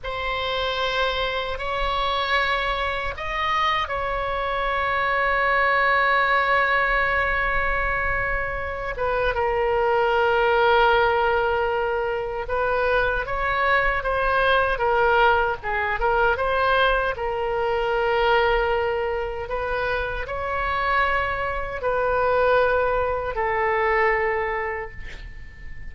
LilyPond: \new Staff \with { instrumentName = "oboe" } { \time 4/4 \tempo 4 = 77 c''2 cis''2 | dis''4 cis''2.~ | cis''2.~ cis''8 b'8 | ais'1 |
b'4 cis''4 c''4 ais'4 | gis'8 ais'8 c''4 ais'2~ | ais'4 b'4 cis''2 | b'2 a'2 | }